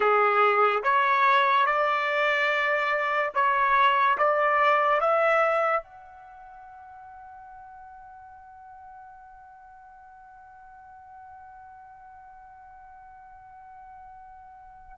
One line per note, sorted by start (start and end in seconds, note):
0.00 0.82 G#4
0.83 1.66 C#5
1.66 3.32 D5
3.34 4.17 C#5
4.17 5.00 D5
5.00 5.83 E5
5.83 14.98 F#5